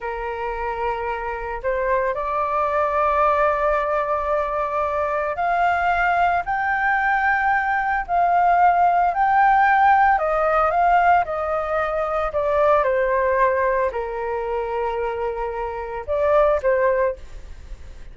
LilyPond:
\new Staff \with { instrumentName = "flute" } { \time 4/4 \tempo 4 = 112 ais'2. c''4 | d''1~ | d''2 f''2 | g''2. f''4~ |
f''4 g''2 dis''4 | f''4 dis''2 d''4 | c''2 ais'2~ | ais'2 d''4 c''4 | }